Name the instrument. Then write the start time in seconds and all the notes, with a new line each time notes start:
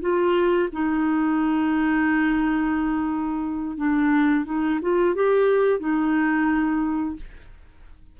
clarinet
0.00 F4
0.72 D#4
3.77 D4
4.45 D#4
4.81 F4
5.14 G4
5.79 D#4